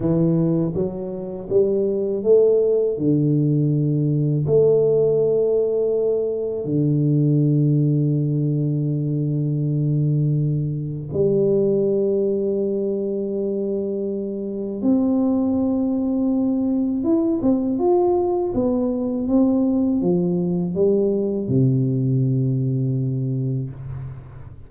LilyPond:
\new Staff \with { instrumentName = "tuba" } { \time 4/4 \tempo 4 = 81 e4 fis4 g4 a4 | d2 a2~ | a4 d2.~ | d2. g4~ |
g1 | c'2. e'8 c'8 | f'4 b4 c'4 f4 | g4 c2. | }